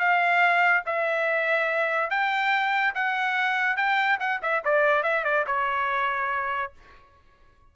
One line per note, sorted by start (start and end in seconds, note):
0.00 0.84 F5
0.86 2.11 E5
2.11 2.94 G5
2.95 3.77 F#5
3.77 4.19 G5
4.20 4.41 F#5
4.43 4.64 E5
4.65 5.03 D5
5.03 5.24 E5
5.25 5.46 D5
5.47 6.73 C#5